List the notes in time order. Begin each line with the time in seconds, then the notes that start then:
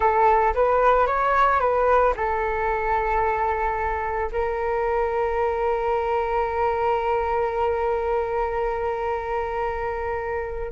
0.00 A4
0.54 B4
1.07 C#5
1.59 B4
2.16 A4
4.31 A#4